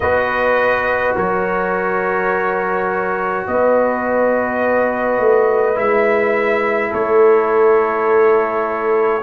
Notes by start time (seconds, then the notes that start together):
0.00 B3 F#4 B4 D#5
1.15 F#3 A#4 C#5
3.47 B3 B4 D#5
5.19 A3
5.75 G#3 E4 E5
6.90 A3 A4 C#5